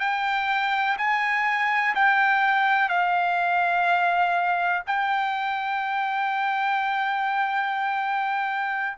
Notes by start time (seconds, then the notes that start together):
0.00 G5
0.98 G#5
1.95 G5
2.89 F5
4.87 G5